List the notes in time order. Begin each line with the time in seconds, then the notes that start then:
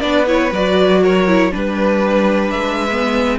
0.00 B3 D4 B4 D5
0.26 E4 C#5
0.51 F#3 F#4 D5
1.01 A#4 C#5
1.27 E4
1.50 G3 D4 B4
2.50 G#3 E5
2.91 B3